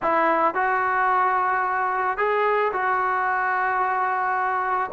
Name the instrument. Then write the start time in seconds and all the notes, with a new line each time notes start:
trombone
0.02 E4
0.54 F#4
2.17 G#4
2.72 F#4